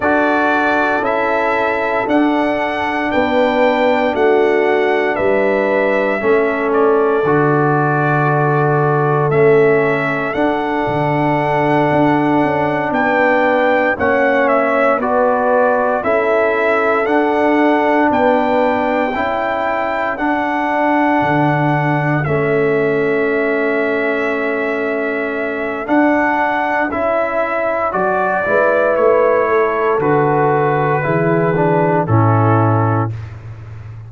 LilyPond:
<<
  \new Staff \with { instrumentName = "trumpet" } { \time 4/4 \tempo 4 = 58 d''4 e''4 fis''4 g''4 | fis''4 e''4. d''4.~ | d''4 e''4 fis''2~ | fis''8 g''4 fis''8 e''8 d''4 e''8~ |
e''8 fis''4 g''2 fis''8~ | fis''4. e''2~ e''8~ | e''4 fis''4 e''4 d''4 | cis''4 b'2 a'4 | }
  \new Staff \with { instrumentName = "horn" } { \time 4/4 a'2. b'4 | fis'4 b'4 a'2~ | a'1~ | a'8 b'4 cis''4 b'4 a'8~ |
a'4. b'4 a'4.~ | a'1~ | a'2.~ a'8 b'8~ | b'8 a'4. gis'4 e'4 | }
  \new Staff \with { instrumentName = "trombone" } { \time 4/4 fis'4 e'4 d'2~ | d'2 cis'4 fis'4~ | fis'4 cis'4 d'2~ | d'4. cis'4 fis'4 e'8~ |
e'8 d'2 e'4 d'8~ | d'4. cis'2~ cis'8~ | cis'4 d'4 e'4 fis'8 e'8~ | e'4 fis'4 e'8 d'8 cis'4 | }
  \new Staff \with { instrumentName = "tuba" } { \time 4/4 d'4 cis'4 d'4 b4 | a4 g4 a4 d4~ | d4 a4 d'8 d4 d'8 | cis'8 b4 ais4 b4 cis'8~ |
cis'8 d'4 b4 cis'4 d'8~ | d'8 d4 a2~ a8~ | a4 d'4 cis'4 fis8 gis8 | a4 d4 e4 a,4 | }
>>